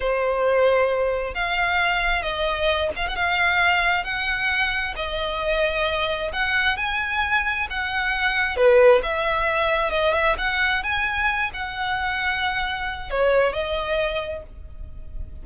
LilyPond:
\new Staff \with { instrumentName = "violin" } { \time 4/4 \tempo 4 = 133 c''2. f''4~ | f''4 dis''4. f''16 fis''16 f''4~ | f''4 fis''2 dis''4~ | dis''2 fis''4 gis''4~ |
gis''4 fis''2 b'4 | e''2 dis''8 e''8 fis''4 | gis''4. fis''2~ fis''8~ | fis''4 cis''4 dis''2 | }